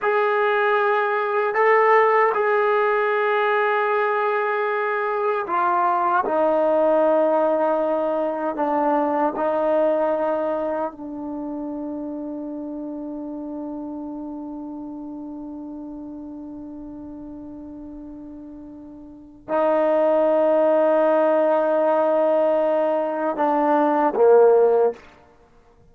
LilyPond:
\new Staff \with { instrumentName = "trombone" } { \time 4/4 \tempo 4 = 77 gis'2 a'4 gis'4~ | gis'2. f'4 | dis'2. d'4 | dis'2 d'2~ |
d'1~ | d'1~ | d'4 dis'2.~ | dis'2 d'4 ais4 | }